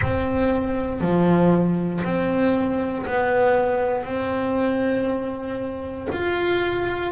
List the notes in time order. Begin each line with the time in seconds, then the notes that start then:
0.01 C4
1.00 F3
2.03 C4
3.06 B3
4.04 C4
6.12 F4